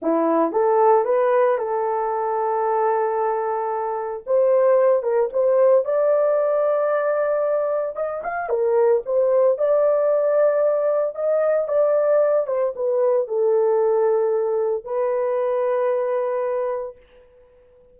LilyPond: \new Staff \with { instrumentName = "horn" } { \time 4/4 \tempo 4 = 113 e'4 a'4 b'4 a'4~ | a'1 | c''4. ais'8 c''4 d''4~ | d''2. dis''8 f''8 |
ais'4 c''4 d''2~ | d''4 dis''4 d''4. c''8 | b'4 a'2. | b'1 | }